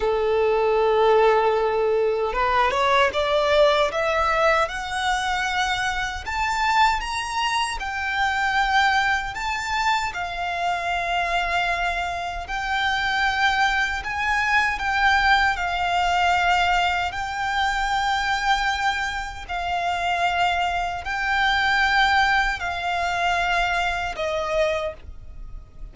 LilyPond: \new Staff \with { instrumentName = "violin" } { \time 4/4 \tempo 4 = 77 a'2. b'8 cis''8 | d''4 e''4 fis''2 | a''4 ais''4 g''2 | a''4 f''2. |
g''2 gis''4 g''4 | f''2 g''2~ | g''4 f''2 g''4~ | g''4 f''2 dis''4 | }